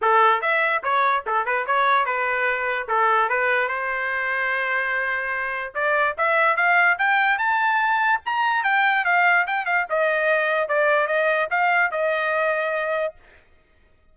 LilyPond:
\new Staff \with { instrumentName = "trumpet" } { \time 4/4 \tempo 4 = 146 a'4 e''4 cis''4 a'8 b'8 | cis''4 b'2 a'4 | b'4 c''2.~ | c''2 d''4 e''4 |
f''4 g''4 a''2 | ais''4 g''4 f''4 g''8 f''8 | dis''2 d''4 dis''4 | f''4 dis''2. | }